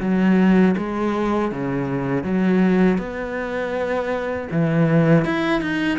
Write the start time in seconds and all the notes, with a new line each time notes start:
0.00 F#3
0.77 G#3
1.51 C#3
2.23 F#3
2.98 B3
4.51 E3
5.24 E4
5.61 D#4